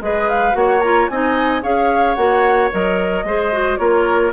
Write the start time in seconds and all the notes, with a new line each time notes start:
0.00 G#3 G#4 B4 D#5
0.29 F5
0.52 A#3 F#4 C#5 F#5
0.80 F4 A#5
1.08 C4 D#4 D#5 G#5
1.62 C#4 G#4 C#5 F5
2.15 A#3 F#4 F#5
2.71 F#3 A#4 D#5
3.24 G#3 G#4 C5
3.52 F#4
3.77 A#3 F4 A#4 C#5